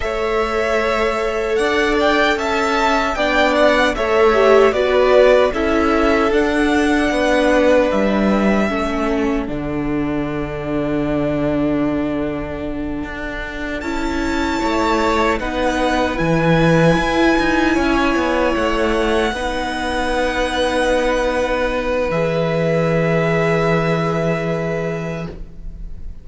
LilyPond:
<<
  \new Staff \with { instrumentName = "violin" } { \time 4/4 \tempo 4 = 76 e''2 fis''8 g''8 a''4 | g''8 fis''8 e''4 d''4 e''4 | fis''2 e''2 | fis''1~ |
fis''4. a''2 fis''8~ | fis''8 gis''2. fis''8~ | fis''1 | e''1 | }
  \new Staff \with { instrumentName = "violin" } { \time 4/4 cis''2 d''4 e''4 | d''4 cis''4 b'4 a'4~ | a'4 b'2 a'4~ | a'1~ |
a'2~ a'8 cis''4 b'8~ | b'2~ b'8 cis''4.~ | cis''8 b'2.~ b'8~ | b'1 | }
  \new Staff \with { instrumentName = "viola" } { \time 4/4 a'1 | d'4 a'8 g'8 fis'4 e'4 | d'2. cis'4 | d'1~ |
d'4. e'2 dis'8~ | dis'8 e'2.~ e'8~ | e'8 dis'2.~ dis'8 | gis'1 | }
  \new Staff \with { instrumentName = "cello" } { \time 4/4 a2 d'4 cis'4 | b4 a4 b4 cis'4 | d'4 b4 g4 a4 | d1~ |
d8 d'4 cis'4 a4 b8~ | b8 e4 e'8 dis'8 cis'8 b8 a8~ | a8 b2.~ b8 | e1 | }
>>